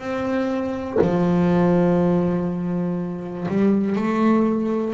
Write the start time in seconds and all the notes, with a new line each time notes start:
0.00 C4
1.01 F3
3.49 G3
3.96 A3